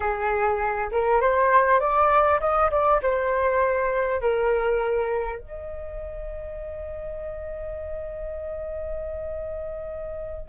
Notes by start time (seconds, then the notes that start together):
0.00 G#4
0.91 A#4
1.20 C5
1.79 D5
2.40 D#5
2.71 D5
3.02 C5
4.20 A#4
5.39 D#5